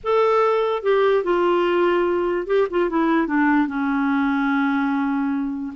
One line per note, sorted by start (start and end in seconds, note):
0.03 0.82 A4
0.82 1.23 G4
1.23 2.46 F4
2.47 2.67 G4
2.70 2.89 F4
2.89 3.27 E4
3.27 3.67 D4
3.67 5.72 C#4